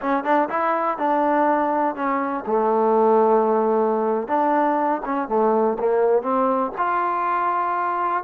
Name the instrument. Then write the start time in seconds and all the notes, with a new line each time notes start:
trombone
0.01 C#4
0.24 D4
0.49 E4
0.97 D4
1.95 C#4
2.46 A3
4.27 D4
5.05 C#4
5.28 A3
5.79 A#3
6.22 C4
6.77 F4